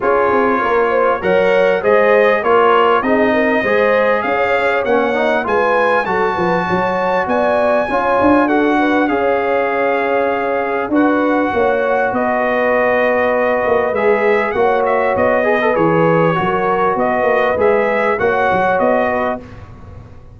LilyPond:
<<
  \new Staff \with { instrumentName = "trumpet" } { \time 4/4 \tempo 4 = 99 cis''2 fis''4 dis''4 | cis''4 dis''2 f''4 | fis''4 gis''4 a''2 | gis''2 fis''4 f''4~ |
f''2 fis''2 | dis''2. e''4 | fis''8 e''8 dis''4 cis''2 | dis''4 e''4 fis''4 dis''4 | }
  \new Staff \with { instrumentName = "horn" } { \time 4/4 gis'4 ais'8 c''8 cis''4 c''4 | ais'4 gis'8 ais'8 c''4 cis''4~ | cis''4 b'4 a'8 b'8 cis''4 | d''4 cis''4 a'8 b'8 cis''4~ |
cis''2 b'4 cis''4 | b'1 | cis''4. b'4. ais'4 | b'2 cis''4. b'8 | }
  \new Staff \with { instrumentName = "trombone" } { \time 4/4 f'2 ais'4 gis'4 | f'4 dis'4 gis'2 | cis'8 dis'8 f'4 fis'2~ | fis'4 f'4 fis'4 gis'4~ |
gis'2 fis'2~ | fis'2. gis'4 | fis'4. gis'16 a'16 gis'4 fis'4~ | fis'4 gis'4 fis'2 | }
  \new Staff \with { instrumentName = "tuba" } { \time 4/4 cis'8 c'8 ais4 fis4 gis4 | ais4 c'4 gis4 cis'4 | ais4 gis4 fis8 f8 fis4 | b4 cis'8 d'4. cis'4~ |
cis'2 d'4 ais4 | b2~ b8 ais8 gis4 | ais4 b4 e4 fis4 | b8 ais8 gis4 ais8 fis8 b4 | }
>>